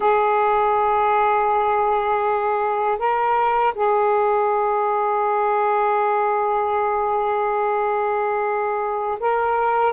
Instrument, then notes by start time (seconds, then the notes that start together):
saxophone
0.00 G#4
2.98 A#4
3.74 G#4
9.19 A#4